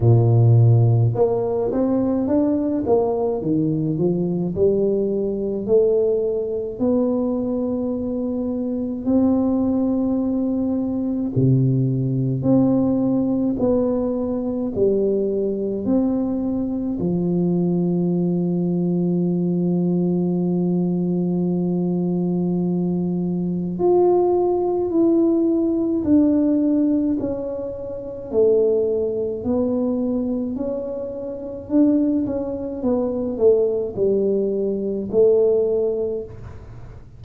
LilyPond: \new Staff \with { instrumentName = "tuba" } { \time 4/4 \tempo 4 = 53 ais,4 ais8 c'8 d'8 ais8 dis8 f8 | g4 a4 b2 | c'2 c4 c'4 | b4 g4 c'4 f4~ |
f1~ | f4 f'4 e'4 d'4 | cis'4 a4 b4 cis'4 | d'8 cis'8 b8 a8 g4 a4 | }